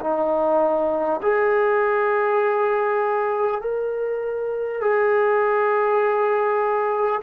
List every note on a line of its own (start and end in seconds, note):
0.00 1.20 D#4
1.22 3.61 G#4
3.61 4.81 A#4
4.81 7.21 G#4